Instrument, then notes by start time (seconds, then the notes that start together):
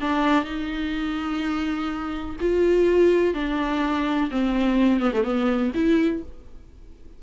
viola
0.00 D4
0.44 D#4
2.40 F4
3.34 D4
4.31 C4
5.00 B3
5.13 A3
5.23 B3
5.74 E4